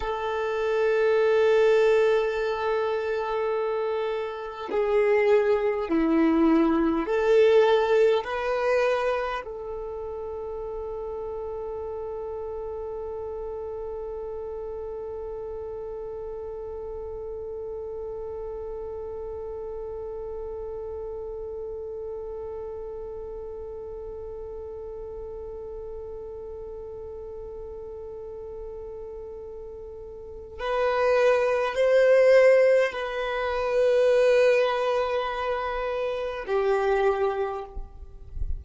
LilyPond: \new Staff \with { instrumentName = "violin" } { \time 4/4 \tempo 4 = 51 a'1 | gis'4 e'4 a'4 b'4 | a'1~ | a'1~ |
a'1~ | a'1~ | a'2 b'4 c''4 | b'2. g'4 | }